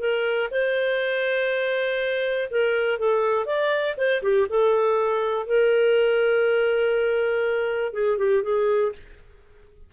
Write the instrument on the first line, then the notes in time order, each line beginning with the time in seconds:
clarinet
0.00 A#4
0.51 C5
2.51 A#4
2.99 A4
3.46 D5
3.98 C5
4.23 G4
4.49 A4
5.47 A#4
7.93 G#4
8.18 G4
8.43 G#4